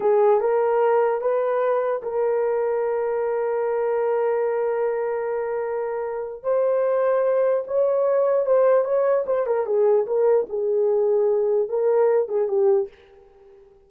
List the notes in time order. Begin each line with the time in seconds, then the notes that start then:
0.00 G#4
0.40 A#4
1.21 B4
2.02 A#4
6.43 C5
7.67 C#5
8.45 C5
8.84 C#5
9.26 C5
9.46 A#4
9.66 G#4
10.06 A#4
10.49 G#4
11.69 A#4
12.28 G#4
12.48 G4